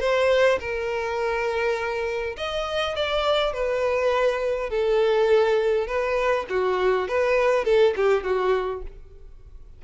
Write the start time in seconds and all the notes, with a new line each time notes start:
0.00 C5
0.59 A#4
2.37 D#5
2.95 D5
3.53 B4
4.70 A4
5.86 B4
6.49 F#4
7.08 B4
7.64 A4
7.96 G4
8.23 F#4